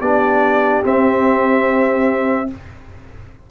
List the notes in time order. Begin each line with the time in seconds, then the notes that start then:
0.00 B3 D4 G4 D5
0.83 C4 E5